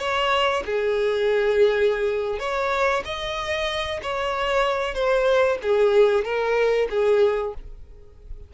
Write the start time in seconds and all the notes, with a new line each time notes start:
0.00 C#5
0.66 G#4
2.40 C#5
3.05 D#5
4.03 C#5
4.95 C5
5.63 G#4
6.25 A#4
6.91 G#4